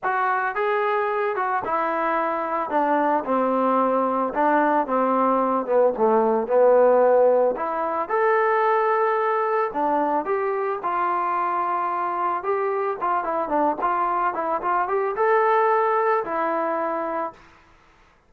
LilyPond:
\new Staff \with { instrumentName = "trombone" } { \time 4/4 \tempo 4 = 111 fis'4 gis'4. fis'8 e'4~ | e'4 d'4 c'2 | d'4 c'4. b8 a4 | b2 e'4 a'4~ |
a'2 d'4 g'4 | f'2. g'4 | f'8 e'8 d'8 f'4 e'8 f'8 g'8 | a'2 e'2 | }